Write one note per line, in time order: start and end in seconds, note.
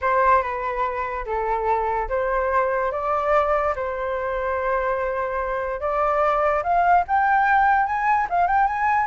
0.01 0.42 C5
0.42 1.25 B4
1.25 2.08 A4
2.08 2.91 C5
2.91 3.74 D5
3.75 5.80 C5
5.80 6.63 D5
6.63 7.04 F5
7.07 7.85 G5
7.85 8.27 G#5
8.29 8.47 F5
8.47 8.67 G5
8.67 9.06 G#5